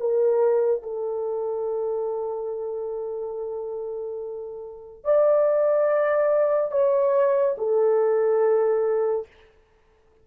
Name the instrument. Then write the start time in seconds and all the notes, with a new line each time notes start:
horn
0.00 A#4
0.83 A4
5.05 D5
6.72 C#5
7.58 A4